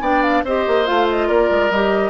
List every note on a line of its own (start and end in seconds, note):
0.00 0.42 B3
0.00 0.45 D4
0.00 0.43 D5
0.00 0.22 G5
0.22 0.43 F5
0.44 0.65 C4
0.44 0.86 G4
0.44 1.27 C5
0.44 0.86 D#5
0.67 0.88 A#3
0.86 1.29 A3
0.86 1.70 F4
0.86 1.07 F5
1.09 1.28 D#5
1.27 1.50 A#3
1.27 2.10 A#4
1.27 1.70 D5
1.50 1.70 G#3
1.70 2.10 G3
1.70 2.10 G4
1.70 2.10 D#5